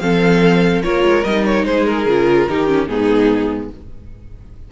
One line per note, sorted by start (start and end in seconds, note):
0.00 0.84 F3
0.00 0.84 C4
0.00 0.85 A4
0.00 0.82 F5
0.84 1.04 A#3
0.84 1.25 F4
0.84 1.66 A#4
0.84 1.25 C#5
1.04 1.24 G#3
1.25 1.65 G3
1.25 2.09 D#4
1.25 1.45 D#5
1.46 1.66 C#5
1.65 2.06 G#3
1.65 2.48 G#4
1.65 1.86 C5
1.86 2.88 A#4
2.06 2.47 C#3
2.06 2.50 F4
2.49 2.89 D#3
2.49 2.67 D#4
2.49 2.90 G4
2.67 2.88 C#4
2.88 3.71 G#2
2.88 3.71 B3
2.88 3.72 D#4
2.88 3.70 G#4